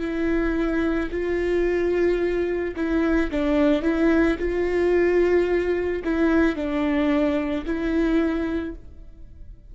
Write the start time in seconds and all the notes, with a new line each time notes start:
0.00 E4
1.11 F4
2.76 E4
3.31 D4
3.82 E4
4.39 F4
6.04 E4
6.56 D4
7.66 E4